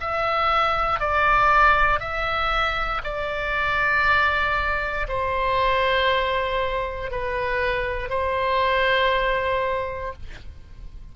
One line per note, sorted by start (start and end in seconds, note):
0.00 1.00 E5
1.00 2.00 D5
2.00 3.01 E5
3.04 5.07 D5
5.08 7.11 C5
7.11 8.09 B4
8.09 10.13 C5